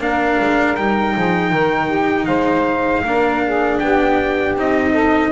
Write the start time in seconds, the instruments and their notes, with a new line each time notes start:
0.00 double bass A#3, cello D4, saxophone A#4, trumpet F5
0.40 double bass G#3
0.77 double bass G3, cello D#4, trumpet G5
1.14 double bass F3, saxophone G#4
1.51 double bass D#3, saxophone A#4
1.87 saxophone G4
2.26 double bass G#3, saxophone C5, trumpet F5
3.04 double bass A#3, cello D4, saxophone A#4
3.46 saxophone G#4
3.79 double bass B3, saxophone G4, trumpet G5
4.57 double bass C4, cello D#4, trumpet D#5
4.92 saxophone A4